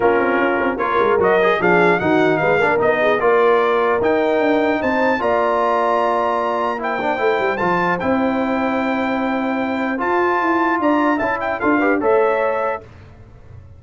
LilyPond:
<<
  \new Staff \with { instrumentName = "trumpet" } { \time 4/4 \tempo 4 = 150 ais'2 cis''4 dis''4 | f''4 fis''4 f''4 dis''4 | d''2 g''2 | a''4 ais''2.~ |
ais''4 g''2 a''4 | g''1~ | g''4 a''2 ais''4 | a''8 g''8 f''4 e''2 | }
  \new Staff \with { instrumentName = "horn" } { \time 4/4 f'2 ais'2 | gis'4 fis'4 b'8 ais'4 gis'8 | ais'1 | c''4 d''2.~ |
d''4 c''2.~ | c''1~ | c''2. d''4 | e''4 a'8 b'8 cis''2 | }
  \new Staff \with { instrumentName = "trombone" } { \time 4/4 cis'2 f'4 fis'8 gis'8 | d'4 dis'4. d'8 dis'4 | f'2 dis'2~ | dis'4 f'2.~ |
f'4 e'8 d'8 e'4 f'4 | e'1~ | e'4 f'2. | e'4 f'8 g'8 a'2 | }
  \new Staff \with { instrumentName = "tuba" } { \time 4/4 ais8 c'8 cis'8 c'8 ais8 gis8 fis4 | f4 dis4 gis8 ais8 b4 | ais2 dis'4 d'4 | c'4 ais2.~ |
ais2 a8 g8 f4 | c'1~ | c'4 f'4 e'4 d'4 | cis'4 d'4 a2 | }
>>